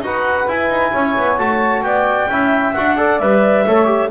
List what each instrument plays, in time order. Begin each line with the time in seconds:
0.00 double bass D#4, trombone F#4, saxophone B4, clarinet F#5
0.48 trombone E4, double bass E4, clarinet G#5
0.69 double bass D#4
0.91 double bass C#4, saxophone C#5
1.17 double bass B3
1.38 double bass A3, trombone F#4, clarinet A5
1.82 double bass B3, saxophone D5, clarinet G5
2.29 double bass C#4, trombone E4, saxophone E5
2.73 double bass D4, trombone F#4, clarinet F#5
2.97 trombone A4, saxophone D5
3.19 double bass G3, trombone B4, clarinet E5
3.64 double bass A3, trombone A4, saxophone C#5
3.86 trombone G4